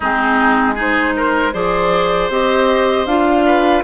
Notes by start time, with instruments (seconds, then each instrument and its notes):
0.00 bassoon G#3, clarinet C4, oboe D#4, flute G#4
0.75 clarinet D#4, oboe G#4, flute C5
1.16 oboe A#4
1.53 bassoon F3, clarinet G#4, oboe C5, flute D5
2.29 bassoon C4, clarinet G4, flute D#5
3.06 bassoon D4, clarinet F4, flute F5
3.45 oboe B4